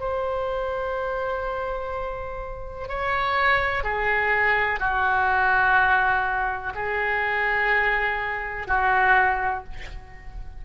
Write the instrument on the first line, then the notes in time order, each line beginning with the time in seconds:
oboe
0.00 C5
2.89 C#5
3.84 G#4
4.80 F#4
6.75 G#4
8.67 F#4